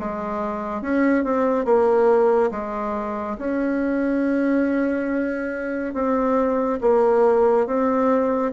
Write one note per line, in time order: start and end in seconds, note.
0.00 0.82 G#3
0.82 1.25 C#4
1.25 1.66 C4
1.66 2.51 A#3
2.52 3.37 G#3
3.39 5.94 C#4
5.94 6.80 C4
6.82 7.67 A#3
7.67 8.53 C4